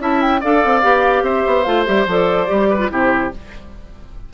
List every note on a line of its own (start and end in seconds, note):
0.00 0.41 C#4
0.00 0.42 E4
0.00 0.41 E5
0.00 0.22 A5
0.22 0.42 G5
0.41 0.65 D4
0.41 0.83 A4
0.41 1.24 D5
0.41 1.25 F5
0.65 0.84 C4
0.83 1.23 B3
0.83 1.65 G4
1.23 1.43 C4
1.23 2.69 C5
1.23 1.64 E5
1.47 1.66 B3
1.64 1.87 A3
1.64 1.86 F4
1.64 1.84 F5
1.86 2.07 G3
1.86 2.07 G4
1.86 2.07 E5
2.07 2.48 F3
2.07 2.47 A4
2.07 2.92 D5
2.47 2.91 G3
2.47 2.78 G4
2.70 2.91 B4
2.79 2.89 F4
2.90 3.32 C3
2.90 3.32 E4
2.90 3.34 G4
2.90 3.34 C5